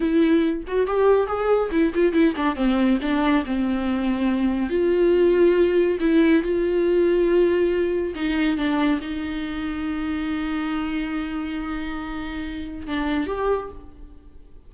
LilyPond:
\new Staff \with { instrumentName = "viola" } { \time 4/4 \tempo 4 = 140 e'4. fis'8 g'4 gis'4 | e'8 f'8 e'8 d'8 c'4 d'4 | c'2. f'4~ | f'2 e'4 f'4~ |
f'2. dis'4 | d'4 dis'2.~ | dis'1~ | dis'2 d'4 g'4 | }